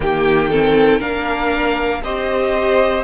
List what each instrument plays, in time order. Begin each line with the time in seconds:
0.00 cello D#3, viola A#3, violin G4 G5
0.49 viola C4, violin A4
0.99 cello A#3, viola D4, violin A#4 F5
2.02 cello C4, viola G4, violin C5 D#5